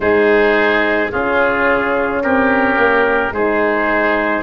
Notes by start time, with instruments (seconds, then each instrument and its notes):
0.00 tuba G#3, horn D#4, oboe G#4, trumpet C5
1.11 horn C#4, tuba C#4, oboe F4, trumpet G#4
2.22 tuba C4, oboe G4, trumpet A#4
2.76 tuba A#3
3.31 tuba G#3, horn D#4, oboe G#4, trumpet C5